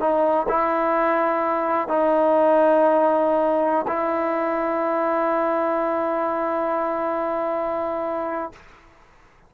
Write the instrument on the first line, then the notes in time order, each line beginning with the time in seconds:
trombone
0.00 D#4
0.49 E4
1.88 D#4
3.87 E4